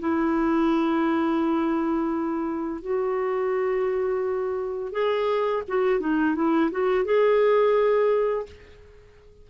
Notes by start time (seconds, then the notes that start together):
0.00 E4
2.82 F#4
4.93 G#4
5.68 F#4
6.00 D#4
6.35 E4
6.71 F#4
7.05 G#4